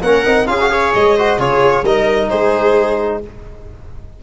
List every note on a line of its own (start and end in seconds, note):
0.00 0.23 A#3
0.00 0.25 C#4
0.00 0.48 A#4
0.00 0.47 F#5
0.25 0.47 C4
0.25 0.47 D#4
0.47 0.93 C#4
0.47 0.58 F4
0.47 0.72 G#4
0.47 0.92 F5
0.60 0.69 F#4
0.69 1.15 G#4
0.69 1.16 C#5
0.94 1.38 G#3
0.94 1.39 D#5
1.16 1.39 F#4
1.16 1.39 C5
1.38 1.82 C#3
1.38 1.84 F4
1.38 1.84 G#4
1.38 1.85 C#5
1.82 2.27 G3
1.82 3.22 D#4
1.82 2.29 A#4
1.82 2.29 D#5
2.29 3.22 G#3
2.29 3.20 G#4
2.29 3.20 C5